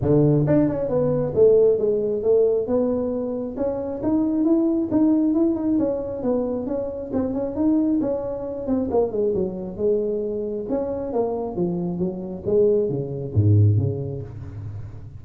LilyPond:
\new Staff \with { instrumentName = "tuba" } { \time 4/4 \tempo 4 = 135 d4 d'8 cis'8 b4 a4 | gis4 a4 b2 | cis'4 dis'4 e'4 dis'4 | e'8 dis'8 cis'4 b4 cis'4 |
c'8 cis'8 dis'4 cis'4. c'8 | ais8 gis8 fis4 gis2 | cis'4 ais4 f4 fis4 | gis4 cis4 gis,4 cis4 | }